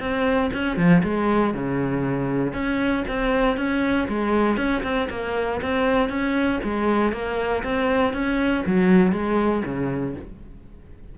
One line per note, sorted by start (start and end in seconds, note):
0.00 0.51 C4
0.53 0.77 C#4
0.77 1.02 F3
1.03 1.54 G#3
1.54 2.53 C#3
2.53 3.04 C#4
3.08 3.56 C4
3.56 4.07 C#4
4.08 4.57 G#3
4.57 4.82 C#4
4.83 5.08 C4
5.10 5.61 A#3
5.62 6.09 C4
6.09 6.60 C#4
6.63 7.12 G#3
7.12 7.63 A#3
7.63 8.13 C4
8.13 8.64 C#4
8.66 9.12 F#3
9.12 9.63 G#3
9.65 10.16 C#3